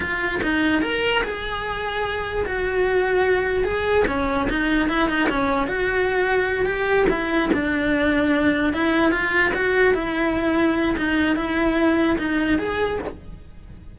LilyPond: \new Staff \with { instrumentName = "cello" } { \time 4/4 \tempo 4 = 148 f'4 dis'4 ais'4 gis'4~ | gis'2 fis'2~ | fis'4 gis'4 cis'4 dis'4 | e'8 dis'8 cis'4 fis'2~ |
fis'8 g'4 e'4 d'4.~ | d'4. e'4 f'4 fis'8~ | fis'8 e'2~ e'8 dis'4 | e'2 dis'4 gis'4 | }